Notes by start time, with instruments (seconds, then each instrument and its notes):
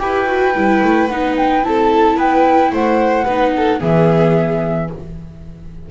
0.00 double bass E4, viola G4, violin B4, flute G5
0.27 viola F#4
0.55 double bass G3, viola E4
0.84 double bass A3
1.08 double bass B3, viola D#4, flute F#5
1.38 flute G5
1.64 double bass C4, viola E4, violin A4, flute A5
2.17 double bass B3, violin B4, flute G5
2.72 double bass A3, violin C5, flute F#5
3.25 double bass B3, viola D#4, violin B4
3.57 violin A4
3.80 double bass E3, viola B3, violin G#4, flute E5